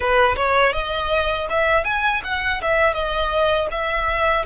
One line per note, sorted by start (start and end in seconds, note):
0.00 0.35 B4
0.36 0.72 C#5
0.72 1.46 D#5
1.49 1.84 E5
1.84 2.21 G#5
2.24 2.61 F#5
2.61 2.93 E5
2.93 3.67 D#5
3.71 4.45 E5